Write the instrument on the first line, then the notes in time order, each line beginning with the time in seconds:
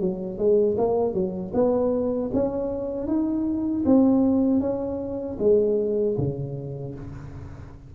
tuba
0.00 F#3
0.38 G#3
0.78 A#3
1.14 F#3
1.54 B3
2.34 C#4
3.07 D#4
3.86 C4
4.60 C#4
5.40 G#3
6.18 C#3